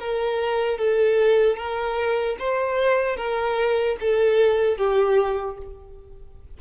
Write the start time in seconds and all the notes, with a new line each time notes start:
0.00 A#4
0.78 A4
1.57 A#4
2.39 C5
3.17 A#4
4.00 A4
4.77 G4